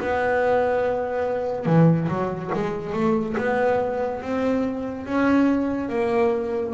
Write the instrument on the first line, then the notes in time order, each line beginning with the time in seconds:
double bass
0.00 B3
1.66 E3
2.09 F#3
2.54 G#3
2.93 A3
3.37 B3
4.22 C4
5.06 C#4
5.89 A#3